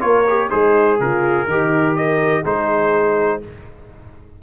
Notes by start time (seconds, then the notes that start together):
0.00 A#3 F4 A#4 C#5
0.28 G4
0.50 G#3 D#4 G#4 C5
1.00 C#3 F4 A#4
1.47 D#3 D#4 G4
1.96 A#4 D#5
2.42 G#3 D#4 G#4 C5